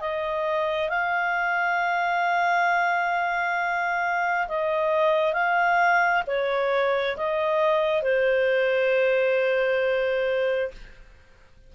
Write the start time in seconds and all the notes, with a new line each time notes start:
0.00 D#5
0.89 F5
4.48 D#5
5.33 F5
6.26 C#5
7.16 D#5
8.02 C5